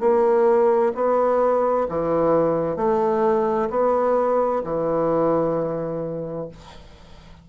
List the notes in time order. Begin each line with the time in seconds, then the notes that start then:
0.00 A#3
0.95 B3
1.89 E3
2.77 A3
3.70 B3
4.64 E3